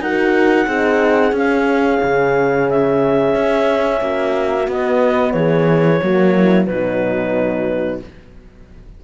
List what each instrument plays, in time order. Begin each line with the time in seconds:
0.00 cello D#4, horn F#4 A#4, clarinet F#5
0.67 cello C4, horn D#4 G#4
1.32 cello C#4, horn C#4, clarinet F5
2.03 cello C#3
2.70 clarinet E5
3.35 cello C#4
4.01 cello A#3, horn F#4
4.67 horn B3, cello B3, clarinet D#5
5.32 cello E3, horn G#4, clarinet C#5
6.02 cello F#3, horn A#3 F#4
6.35 horn E4
6.66 cello B2, horn F#3 D#4, clarinet B4